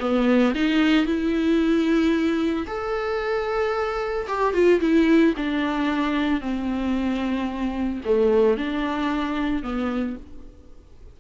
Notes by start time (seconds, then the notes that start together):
0.00 B3
0.55 D#4
1.06 E4
2.67 A4
4.28 G4
4.54 F4
4.81 E4
5.37 D4
6.41 C4
8.05 A3
8.58 D4
9.63 B3